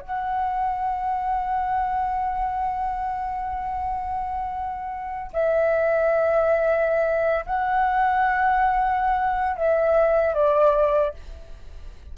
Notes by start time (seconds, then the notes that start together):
0.00 F#5
5.33 E5
7.45 F#5
9.56 E5
10.34 D5